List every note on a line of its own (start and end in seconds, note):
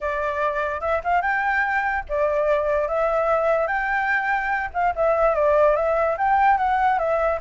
0.01 0.80 D5
0.80 1.01 E5
1.04 1.21 F5
1.21 2.03 G5
2.08 2.88 D5
2.88 3.67 E5
3.67 4.70 G5
4.73 4.94 F5
4.95 5.34 E5
5.34 5.75 D5
5.75 6.16 E5
6.17 6.57 G5
6.57 6.98 F#5
6.98 7.39 E5